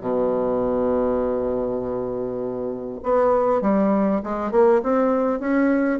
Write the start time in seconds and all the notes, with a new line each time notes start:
0.00 B2
3.02 B3
3.61 G3
4.23 G#3
4.51 A#3
4.83 C4
5.39 C#4